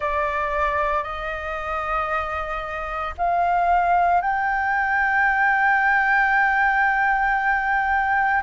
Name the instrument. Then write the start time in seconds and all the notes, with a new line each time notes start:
flute
0.00 D5
1.03 D#5
3.17 F5
4.21 G5